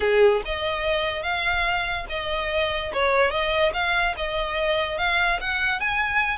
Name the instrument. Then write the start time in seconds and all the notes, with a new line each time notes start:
violin
0.00 G#4
0.45 D#5
1.22 F5
2.09 D#5
2.93 C#5
3.30 D#5
3.73 F5
4.16 D#5
4.98 F5
5.40 F#5
5.80 G#5